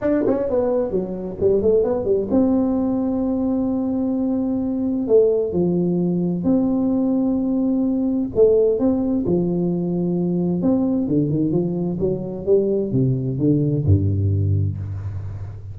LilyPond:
\new Staff \with { instrumentName = "tuba" } { \time 4/4 \tempo 4 = 130 d'8 cis'8 b4 fis4 g8 a8 | b8 g8 c'2.~ | c'2. a4 | f2 c'2~ |
c'2 a4 c'4 | f2. c'4 | d8 dis8 f4 fis4 g4 | c4 d4 g,2 | }